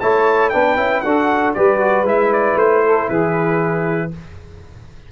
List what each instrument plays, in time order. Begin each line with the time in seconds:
0.00 tuba A3, trombone E4, saxophone C#5, trumpet A5
0.50 tuba B3, trombone D4, saxophone B4, trumpet G5
0.76 tuba C#4, trombone E4
1.01 tuba D4, trombone F#4, saxophone A4, trumpet F#5
1.54 tuba G3, trombone G4, saxophone B4, trumpet D5
1.80 trombone F#4
2.02 tuba G#3, trombone E4, trumpet E5
2.33 trumpet D5
2.55 tuba A3, trumpet C5
2.84 saxophone A4
3.09 tuba E3, saxophone G#4, trumpet B4